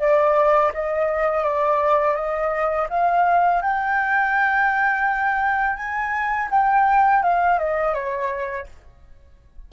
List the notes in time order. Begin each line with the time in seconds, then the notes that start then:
0.00 D5
0.74 D#5
1.44 D5
2.16 D#5
2.90 F5
3.62 G5
5.77 G#5
6.51 G5
7.23 F5
7.59 D#5
7.94 C#5